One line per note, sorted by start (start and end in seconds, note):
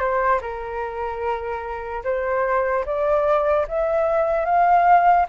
0.00 0.41 C5
0.41 2.03 A#4
2.04 2.85 C5
2.86 3.67 D5
3.69 4.46 E5
4.46 5.27 F5